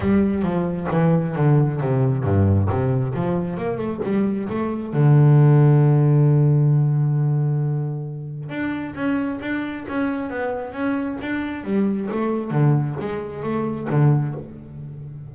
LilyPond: \new Staff \with { instrumentName = "double bass" } { \time 4/4 \tempo 4 = 134 g4 f4 e4 d4 | c4 g,4 c4 f4 | ais8 a8 g4 a4 d4~ | d1~ |
d2. d'4 | cis'4 d'4 cis'4 b4 | cis'4 d'4 g4 a4 | d4 gis4 a4 d4 | }